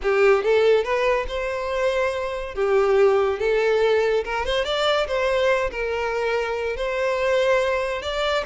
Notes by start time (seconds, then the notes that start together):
0.02 G4
0.43 A4
0.84 B4
1.28 C5
2.54 G4
3.39 A4
4.24 A#4
4.45 C5
4.64 D5
5.07 C5
5.70 A#4
6.76 C5
8.01 D5